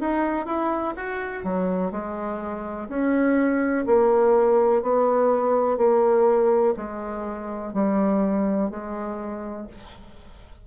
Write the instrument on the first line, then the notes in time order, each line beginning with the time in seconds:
bassoon
0.00 D#4
0.46 E4
0.96 F#4
1.43 F#3
1.91 G#3
2.89 C#4
3.86 A#3
4.82 B3
5.77 A#3
6.76 G#3
7.73 G3
8.70 G#3